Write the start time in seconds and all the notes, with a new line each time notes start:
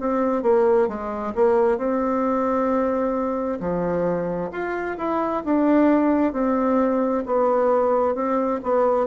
0.00 C4
0.43 A#3
0.88 G#3
1.36 A#3
1.78 C4
3.60 F3
4.52 F4
4.98 E4
5.45 D4
6.33 C4
7.26 B3
8.15 C4
8.63 B3